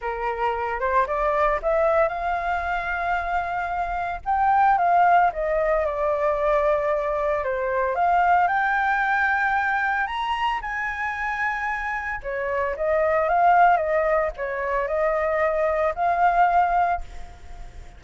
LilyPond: \new Staff \with { instrumentName = "flute" } { \time 4/4 \tempo 4 = 113 ais'4. c''8 d''4 e''4 | f''1 | g''4 f''4 dis''4 d''4~ | d''2 c''4 f''4 |
g''2. ais''4 | gis''2. cis''4 | dis''4 f''4 dis''4 cis''4 | dis''2 f''2 | }